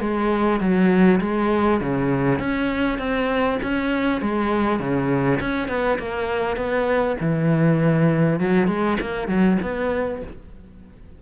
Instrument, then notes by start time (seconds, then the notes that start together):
cello
0.00 G#3
0.60 F#3
1.21 G#3
1.81 C#3
2.39 C#4
2.98 C4
3.62 C#4
4.21 G#3
4.79 C#3
5.40 C#4
5.68 B3
5.98 A#3
6.56 B3
7.20 E3
8.40 F#3
8.67 G#3
9.00 A#3
9.28 F#3
9.62 B3